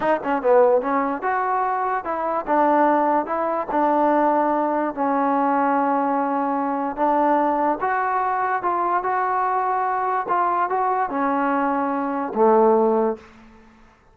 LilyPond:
\new Staff \with { instrumentName = "trombone" } { \time 4/4 \tempo 4 = 146 dis'8 cis'8 b4 cis'4 fis'4~ | fis'4 e'4 d'2 | e'4 d'2. | cis'1~ |
cis'4 d'2 fis'4~ | fis'4 f'4 fis'2~ | fis'4 f'4 fis'4 cis'4~ | cis'2 a2 | }